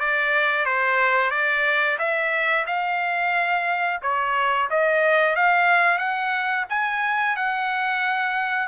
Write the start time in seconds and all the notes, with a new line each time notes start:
0.00 D5
0.65 C5
1.31 D5
1.99 E5
2.67 F5
4.03 C#5
4.70 D#5
5.36 F5
5.98 F#5
6.70 G#5
7.36 F#5